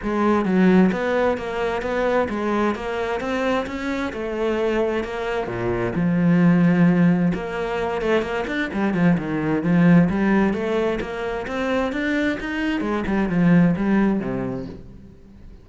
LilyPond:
\new Staff \with { instrumentName = "cello" } { \time 4/4 \tempo 4 = 131 gis4 fis4 b4 ais4 | b4 gis4 ais4 c'4 | cis'4 a2 ais4 | ais,4 f2. |
ais4. a8 ais8 d'8 g8 f8 | dis4 f4 g4 a4 | ais4 c'4 d'4 dis'4 | gis8 g8 f4 g4 c4 | }